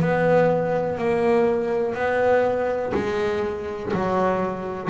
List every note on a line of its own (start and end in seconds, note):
0.00 0.98 B3
0.98 1.94 A#3
1.94 2.93 B3
2.94 3.93 G#3
3.93 4.90 F#3